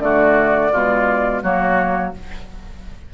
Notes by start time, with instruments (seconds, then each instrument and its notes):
0.00 bassoon D3, clarinet A3, oboe F#4, flute D5
0.72 bassoon B2, clarinet G#3, oboe F4
1.43 bassoon F#3, clarinet A#3, oboe F#4, flute C#5